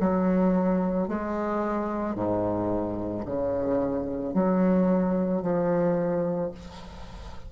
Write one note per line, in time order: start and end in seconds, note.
0.00 1.08 F#3
1.08 2.15 G#3
2.15 3.24 G#2
3.25 4.34 C#3
4.34 5.42 F#3
5.42 6.51 F3